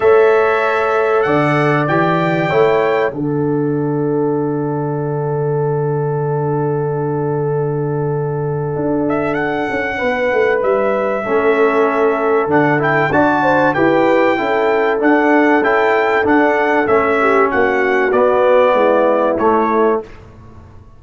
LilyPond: <<
  \new Staff \with { instrumentName = "trumpet" } { \time 4/4 \tempo 4 = 96 e''2 fis''4 g''4~ | g''4 fis''2.~ | fis''1~ | fis''2~ fis''8 e''8 fis''4~ |
fis''4 e''2. | fis''8 g''8 a''4 g''2 | fis''4 g''4 fis''4 e''4 | fis''4 d''2 cis''4 | }
  \new Staff \with { instrumentName = "horn" } { \time 4/4 cis''2 d''2 | cis''4 a'2.~ | a'1~ | a'1 |
b'2 a'2~ | a'4 d''8 c''8 b'4 a'4~ | a'2.~ a'8 g'8 | fis'2 e'2 | }
  \new Staff \with { instrumentName = "trombone" } { \time 4/4 a'2. g'4 | e'4 d'2.~ | d'1~ | d'1~ |
d'2 cis'2 | d'8 e'8 fis'4 g'4 e'4 | d'4 e'4 d'4 cis'4~ | cis'4 b2 a4 | }
  \new Staff \with { instrumentName = "tuba" } { \time 4/4 a2 d4 e4 | a4 d2.~ | d1~ | d2 d'4. cis'8 |
b8 a8 g4 a2 | d4 d'4 e'4 cis'4 | d'4 cis'4 d'4 a4 | ais4 b4 gis4 a4 | }
>>